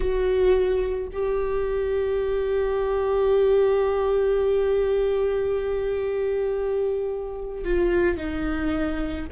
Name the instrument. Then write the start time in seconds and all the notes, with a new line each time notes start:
viola
0.00 F#4
1.12 G4
7.64 F4
8.17 D#4